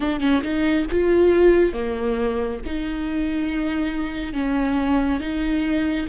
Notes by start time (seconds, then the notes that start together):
0.00 D4
0.20 C#4
0.42 D#4
0.91 F4
1.73 A#3
2.65 D#4
4.33 C#4
5.20 D#4